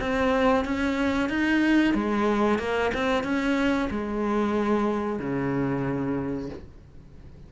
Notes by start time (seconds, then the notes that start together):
0.00 C4
0.65 C#4
1.30 D#4
1.94 G#3
2.59 A#3
2.94 C4
3.24 C#4
3.90 G#3
5.19 C#3